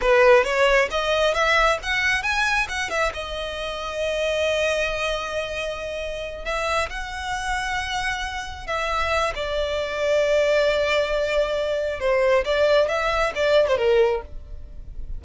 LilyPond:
\new Staff \with { instrumentName = "violin" } { \time 4/4 \tempo 4 = 135 b'4 cis''4 dis''4 e''4 | fis''4 gis''4 fis''8 e''8 dis''4~ | dis''1~ | dis''2~ dis''8 e''4 fis''8~ |
fis''2.~ fis''8 e''8~ | e''4 d''2.~ | d''2. c''4 | d''4 e''4 d''8. c''16 ais'4 | }